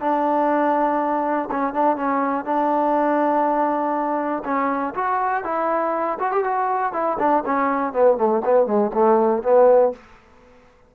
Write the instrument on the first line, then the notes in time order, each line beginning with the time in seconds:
trombone
0.00 D4
1.51 C#4
1.73 D4
1.96 C#4
2.45 D4
4.44 C#4
4.94 F#4
5.43 E4
6.19 F#4
6.31 G4
6.44 F#4
6.92 E4
7.19 D4
7.45 C#4
7.92 B3
8.17 A3
8.44 B3
8.66 G#3
8.93 A3
9.42 B3